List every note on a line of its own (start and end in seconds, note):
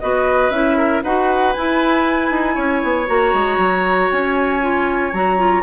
0.00 0.51 B3
0.00 0.53 F#4
0.00 0.78 B4
0.00 0.51 D#5
0.51 1.02 C#4
0.51 1.04 E4
0.51 1.02 E5
0.78 1.04 A#4
1.04 1.56 D#4
1.04 1.56 F#4
1.04 2.55 B4
1.04 1.53 F#5
1.53 3.07 E4
1.53 2.31 E4
1.53 3.07 G#5
2.31 2.56 D#4
2.55 2.83 C#4
2.55 5.63 C#5
2.84 3.09 B3
3.07 3.34 A#3
3.07 4.61 F#4
3.07 4.11 A#5
3.34 3.58 G#3
3.58 4.10 F#3
4.12 5.14 C#4
4.12 5.14 G#5
4.61 5.13 F4
5.14 5.64 F#3
5.14 5.38 F#4
5.14 5.64 A#5
5.38 5.64 F4